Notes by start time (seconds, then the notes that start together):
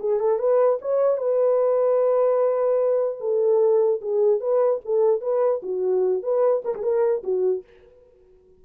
0.00 G#4
0.20 A4
0.39 B4
0.81 C#5
1.17 B4
3.20 A4
4.01 G#4
4.40 B4
4.85 A4
5.21 B4
5.63 F#4
6.23 B4
6.64 A#4
6.75 G#4
6.83 A#4
7.23 F#4